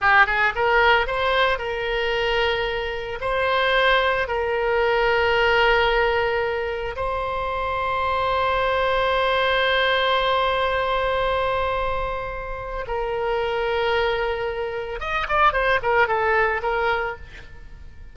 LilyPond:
\new Staff \with { instrumentName = "oboe" } { \time 4/4 \tempo 4 = 112 g'8 gis'8 ais'4 c''4 ais'4~ | ais'2 c''2 | ais'1~ | ais'4 c''2.~ |
c''1~ | c''1 | ais'1 | dis''8 d''8 c''8 ais'8 a'4 ais'4 | }